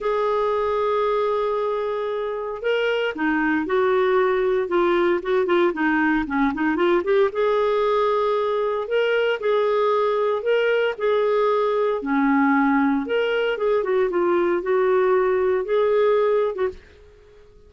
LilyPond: \new Staff \with { instrumentName = "clarinet" } { \time 4/4 \tempo 4 = 115 gis'1~ | gis'4 ais'4 dis'4 fis'4~ | fis'4 f'4 fis'8 f'8 dis'4 | cis'8 dis'8 f'8 g'8 gis'2~ |
gis'4 ais'4 gis'2 | ais'4 gis'2 cis'4~ | cis'4 ais'4 gis'8 fis'8 f'4 | fis'2 gis'4.~ gis'16 fis'16 | }